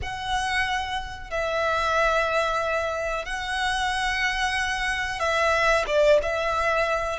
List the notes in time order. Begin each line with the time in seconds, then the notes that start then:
0.02 F#5
1.30 E5
3.25 F#5
5.19 E5
5.86 D5
6.22 E5